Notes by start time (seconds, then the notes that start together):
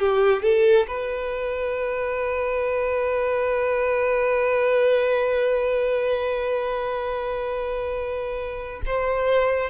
0.00 G4
0.43 A4
0.88 B4
8.86 C5